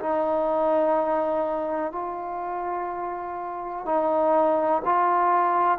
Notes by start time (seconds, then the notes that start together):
0.00 D#4
1.92 F4
3.85 D#4
4.85 F4